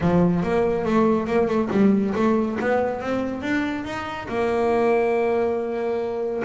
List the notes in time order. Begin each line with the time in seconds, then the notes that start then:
0.00 F3
0.42 A#3
0.85 A3
1.26 A#3
1.47 A3
1.70 G3
2.14 A3
2.60 B3
3.00 C4
3.42 D4
3.85 D#4
4.28 A#3